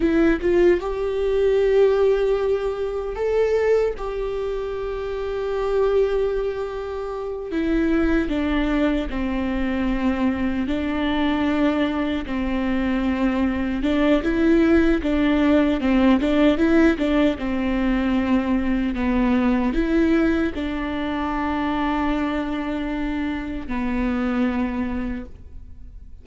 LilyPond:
\new Staff \with { instrumentName = "viola" } { \time 4/4 \tempo 4 = 76 e'8 f'8 g'2. | a'4 g'2.~ | g'4. e'4 d'4 c'8~ | c'4. d'2 c'8~ |
c'4. d'8 e'4 d'4 | c'8 d'8 e'8 d'8 c'2 | b4 e'4 d'2~ | d'2 b2 | }